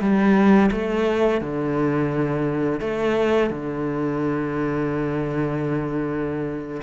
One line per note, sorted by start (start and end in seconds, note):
0.00 0.70 G3
0.71 1.40 A3
1.40 2.80 D3
2.80 3.50 A3
3.50 6.81 D3